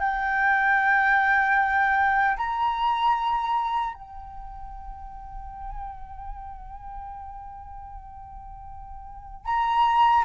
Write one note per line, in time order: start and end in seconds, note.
0.00 2.37 G5
2.38 3.94 A#5
3.94 9.46 G5
9.46 10.25 A#5